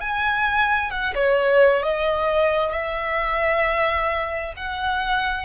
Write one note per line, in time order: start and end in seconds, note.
0.00 0.90 G#5
0.90 1.13 F#5
1.14 1.82 C#5
1.82 2.71 D#5
2.71 4.53 E5
4.56 5.45 F#5